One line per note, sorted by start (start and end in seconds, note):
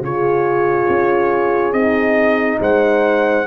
0.00 0.86 C#3
0.00 1.73 F4
0.00 2.60 G#4
0.00 1.72 C#5
0.88 1.72 C#4
1.72 2.58 C4
1.72 3.45 D#4
1.72 2.58 D#5
2.59 3.45 G#3
2.59 3.46 C5
2.59 3.46 F#5